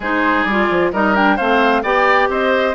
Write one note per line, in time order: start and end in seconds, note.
0.00 0.44 G#3
0.00 0.49 D#4
0.00 0.91 G#4
0.00 0.44 C5
0.44 0.68 G3
0.44 0.94 F4
0.44 0.90 D5
0.70 0.92 F3
0.92 1.39 G3
0.92 1.15 D#4
0.92 1.36 A#4
0.92 1.15 D#5
1.15 1.38 D4
1.15 1.37 G5
1.36 1.83 A3
1.36 1.84 C4
1.36 1.82 C5
1.36 1.83 F5
1.82 2.29 B3
1.82 2.74 G4
1.82 2.28 D5
1.82 2.29 G5
2.29 2.74 C4
2.29 2.74 C5
2.29 2.74 D#5